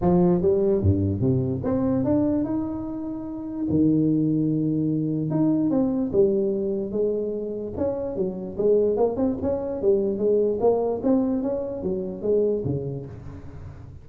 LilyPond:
\new Staff \with { instrumentName = "tuba" } { \time 4/4 \tempo 4 = 147 f4 g4 g,4 c4 | c'4 d'4 dis'2~ | dis'4 dis2.~ | dis4 dis'4 c'4 g4~ |
g4 gis2 cis'4 | fis4 gis4 ais8 c'8 cis'4 | g4 gis4 ais4 c'4 | cis'4 fis4 gis4 cis4 | }